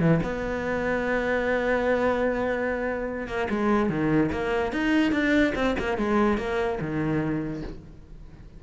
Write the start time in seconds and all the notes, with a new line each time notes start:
0.00 E3
0.23 B3
3.28 A#3
3.50 G#3
3.90 D#3
4.32 A#3
4.72 D#4
5.12 D4
5.55 C4
5.79 A#3
5.98 G#3
6.38 A#3
6.81 D#3